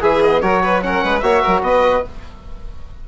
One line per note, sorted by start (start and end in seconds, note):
0.00 0.41 E3
0.00 0.20 G#4
0.00 0.42 G#4
0.00 0.22 E5
0.22 0.42 B3
0.22 0.41 D#5
0.41 1.03 F#3
0.41 0.82 F#4
0.41 0.62 A#4
0.41 0.82 C#5
0.63 0.83 B4
0.82 1.23 C#4
0.82 1.03 A#4
0.82 1.20 F#5
1.03 1.22 G#3
1.03 1.24 B4
1.20 1.42 A#3
1.20 2.04 F#4
1.20 1.42 C#5
1.20 1.60 E5
1.42 1.61 F#3
1.42 1.62 A#4
1.61 2.02 B3
1.61 2.08 B4
1.61 2.04 D#5